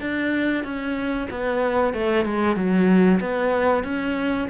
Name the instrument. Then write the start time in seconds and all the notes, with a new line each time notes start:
cello
0.00 D4
0.64 C#4
1.30 B3
1.93 A3
2.25 G#3
2.55 F#3
3.20 B3
3.83 C#4